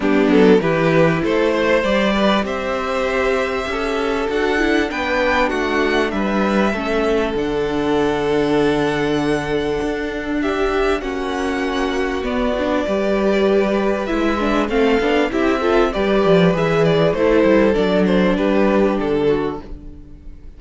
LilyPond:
<<
  \new Staff \with { instrumentName = "violin" } { \time 4/4 \tempo 4 = 98 g'8 a'8 b'4 c''4 d''4 | e''2. fis''4 | g''4 fis''4 e''2 | fis''1~ |
fis''4 e''4 fis''2 | d''2. e''4 | f''4 e''4 d''4 e''8 d''8 | c''4 d''8 c''8 b'4 a'4 | }
  \new Staff \with { instrumentName = "violin" } { \time 4/4 d'4 g'4 a'8 c''4 b'8 | c''2 a'2 | b'4 fis'4 b'4 a'4~ | a'1~ |
a'4 g'4 fis'2~ | fis'4 b'2. | a'4 g'8 a'8 b'2 | a'2 g'4. fis'8 | }
  \new Staff \with { instrumentName = "viola" } { \time 4/4 b4 e'2 g'4~ | g'2. fis'8 e'8 | d'2. cis'4 | d'1~ |
d'2 cis'2 | b8 d'8 g'2 e'8 d'8 | c'8 d'8 e'8 f'8 g'4 gis'4 | e'4 d'2. | }
  \new Staff \with { instrumentName = "cello" } { \time 4/4 g8 fis8 e4 a4 g4 | c'2 cis'4 d'4 | b4 a4 g4 a4 | d1 |
d'2 ais2 | b4 g2 gis4 | a8 b8 c'4 g8 f8 e4 | a8 g8 fis4 g4 d4 | }
>>